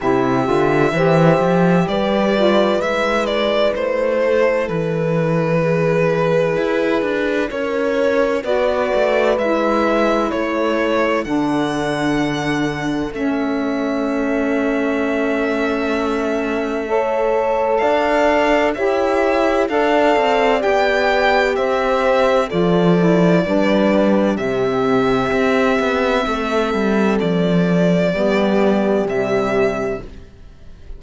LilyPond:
<<
  \new Staff \with { instrumentName = "violin" } { \time 4/4 \tempo 4 = 64 e''2 d''4 e''8 d''8 | c''4 b'2. | cis''4 d''4 e''4 cis''4 | fis''2 e''2~ |
e''2. f''4 | e''4 f''4 g''4 e''4 | d''2 e''2~ | e''4 d''2 e''4 | }
  \new Staff \with { instrumentName = "horn" } { \time 4/4 g'4 c''4 b'2~ | b'8 a'4. gis'2 | ais'4 b'2 a'4~ | a'1~ |
a'2 cis''4 d''4 | cis''4 d''2 c''4 | a'4 b'4 g'2 | a'2 g'2 | }
  \new Staff \with { instrumentName = "saxophone" } { \time 4/4 e'8 f'8 g'4. f'8 e'4~ | e'1~ | e'4 fis'4 e'2 | d'2 cis'2~ |
cis'2 a'2 | g'4 a'4 g'2 | f'8 e'8 d'4 c'2~ | c'2 b4 g4 | }
  \new Staff \with { instrumentName = "cello" } { \time 4/4 c8 d8 e8 f8 g4 gis4 | a4 e2 e'8 d'8 | cis'4 b8 a8 gis4 a4 | d2 a2~ |
a2. d'4 | e'4 d'8 c'8 b4 c'4 | f4 g4 c4 c'8 b8 | a8 g8 f4 g4 c4 | }
>>